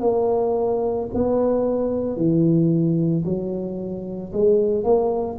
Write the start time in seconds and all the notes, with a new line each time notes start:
0.00 A#3
1.14 B3
2.16 E3
3.24 F#3
4.32 G#3
4.84 A#3